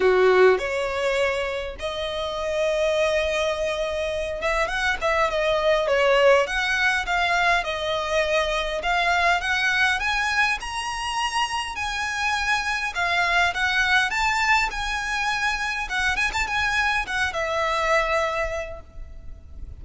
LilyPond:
\new Staff \with { instrumentName = "violin" } { \time 4/4 \tempo 4 = 102 fis'4 cis''2 dis''4~ | dis''2.~ dis''8 e''8 | fis''8 e''8 dis''4 cis''4 fis''4 | f''4 dis''2 f''4 |
fis''4 gis''4 ais''2 | gis''2 f''4 fis''4 | a''4 gis''2 fis''8 gis''16 a''16 | gis''4 fis''8 e''2~ e''8 | }